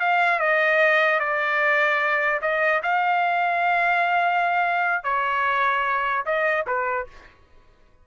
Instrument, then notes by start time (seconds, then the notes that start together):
trumpet
0.00 F5
0.40 D#5
1.20 D5
2.42 D#5
2.83 F5
5.04 C#5
6.26 D#5
6.67 B4